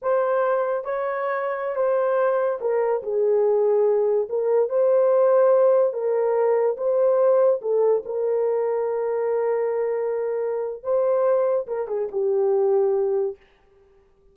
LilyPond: \new Staff \with { instrumentName = "horn" } { \time 4/4 \tempo 4 = 144 c''2 cis''2~ | cis''16 c''2 ais'4 gis'8.~ | gis'2~ gis'16 ais'4 c''8.~ | c''2~ c''16 ais'4.~ ais'16~ |
ais'16 c''2 a'4 ais'8.~ | ais'1~ | ais'2 c''2 | ais'8 gis'8 g'2. | }